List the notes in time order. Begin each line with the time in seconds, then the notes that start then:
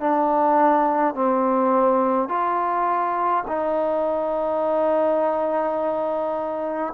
0.00 D4
1.15 C4
2.29 F4
3.48 D#4